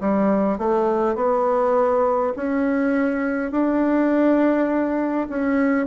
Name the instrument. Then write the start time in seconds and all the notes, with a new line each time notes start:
bassoon
0.00 G3
0.58 A3
1.16 B3
2.36 C#4
3.51 D4
5.29 C#4